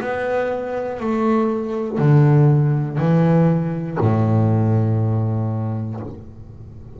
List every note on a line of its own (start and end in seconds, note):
0.00 0.99 B3
0.99 1.98 A3
1.98 2.97 D3
2.97 3.97 E3
4.00 6.00 A2